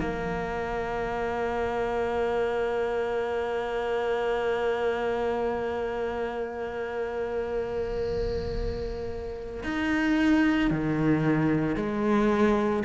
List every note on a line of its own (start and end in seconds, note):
0.00 9.63 A#3
9.63 10.70 D#4
10.70 11.76 D#3
11.76 12.83 G#3